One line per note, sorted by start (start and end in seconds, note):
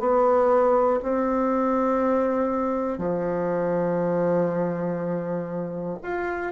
0.00 1.00 B3
1.03 2.99 C4
2.99 5.99 F3
6.03 6.53 F4